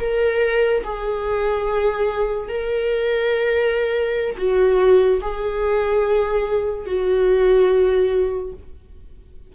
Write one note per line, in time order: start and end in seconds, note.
0.00 0.83 A#4
0.84 2.49 G#4
2.49 4.36 A#4
4.37 5.21 F#4
5.21 6.86 G#4
6.86 8.53 F#4